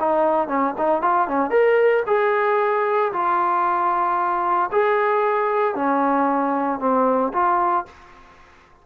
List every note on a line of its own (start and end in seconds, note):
0.00 0.48 D#4
0.48 0.74 C#4
0.78 1.02 D#4
1.02 1.28 F4
1.28 1.50 C#4
1.50 2.03 A#4
2.07 3.12 G#4
3.13 4.71 F4
4.72 5.75 G#4
5.75 6.80 C#4
6.80 7.32 C4
7.33 7.86 F4